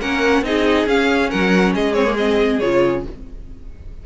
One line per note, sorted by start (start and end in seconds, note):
0.00 0.42 A#3
0.00 0.44 C#4
0.00 0.43 A#4
0.00 0.44 F#5
0.42 0.85 C4
0.42 0.87 D#4
0.42 1.30 G#4
0.42 0.88 D#5
0.86 1.29 C#4
0.86 1.94 C#4
0.86 1.30 F5
1.30 1.75 F#3
1.30 1.73 A#4
1.30 1.74 F#5
1.75 2.62 G#3
1.75 3.04 G#4
1.75 1.93 D#5
1.93 2.05 C4
1.93 2.15 C#5
2.05 2.16 A#3
2.17 2.61 C4
2.17 2.60 D#5
2.60 3.06 C#3
2.60 3.06 F4
2.60 3.03 C#5